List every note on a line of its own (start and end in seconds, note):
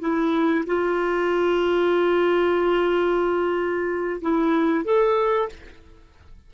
0.00 0.65 E4
0.67 4.21 F4
4.22 4.85 E4
4.85 5.49 A4